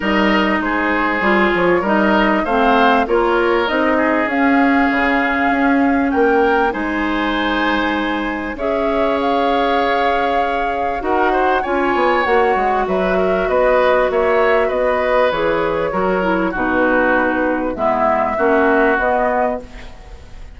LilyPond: <<
  \new Staff \with { instrumentName = "flute" } { \time 4/4 \tempo 4 = 98 dis''4 c''4. cis''8 dis''4 | f''4 cis''4 dis''4 f''4~ | f''2 g''4 gis''4~ | gis''2 e''4 f''4~ |
f''2 fis''4 gis''4 | fis''4 e''4 dis''4 e''4 | dis''4 cis''2 b'4~ | b'4 e''2 dis''4 | }
  \new Staff \with { instrumentName = "oboe" } { \time 4/4 ais'4 gis'2 ais'4 | c''4 ais'4. gis'4.~ | gis'2 ais'4 c''4~ | c''2 cis''2~ |
cis''2 ais'8 c''8 cis''4~ | cis''4 b'8 ais'8 b'4 cis''4 | b'2 ais'4 fis'4~ | fis'4 e'4 fis'2 | }
  \new Staff \with { instrumentName = "clarinet" } { \time 4/4 dis'2 f'4 dis'4 | c'4 f'4 dis'4 cis'4~ | cis'2. dis'4~ | dis'2 gis'2~ |
gis'2 fis'4 f'4 | fis'1~ | fis'4 gis'4 fis'8 e'8 dis'4~ | dis'4 b4 cis'4 b4 | }
  \new Staff \with { instrumentName = "bassoon" } { \time 4/4 g4 gis4 g8 f8 g4 | a4 ais4 c'4 cis'4 | cis4 cis'4 ais4 gis4~ | gis2 cis'2~ |
cis'2 dis'4 cis'8 b8 | ais8 gis8 fis4 b4 ais4 | b4 e4 fis4 b,4~ | b,4 gis4 ais4 b4 | }
>>